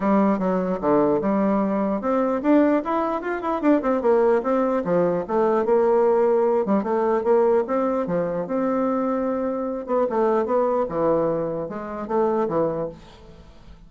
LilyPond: \new Staff \with { instrumentName = "bassoon" } { \time 4/4 \tempo 4 = 149 g4 fis4 d4 g4~ | g4 c'4 d'4 e'4 | f'8 e'8 d'8 c'8 ais4 c'4 | f4 a4 ais2~ |
ais8 g8 a4 ais4 c'4 | f4 c'2.~ | c'8 b8 a4 b4 e4~ | e4 gis4 a4 e4 | }